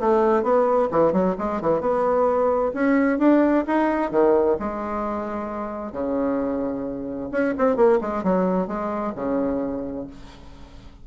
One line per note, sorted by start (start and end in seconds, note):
0.00 0.43 A3
0.43 0.89 B3
0.91 1.13 E3
1.13 1.36 F#3
1.38 1.61 G#3
1.61 1.81 E3
1.81 2.72 B3
2.74 3.19 C#4
3.19 3.65 D4
3.67 4.11 D#4
4.11 4.57 D#3
4.59 5.92 G#3
5.92 7.30 C#3
7.32 7.54 C#4
7.58 7.76 C4
7.76 7.99 A#3
8.01 8.24 G#3
8.24 8.68 F#3
8.68 9.13 G#3
9.16 10.07 C#3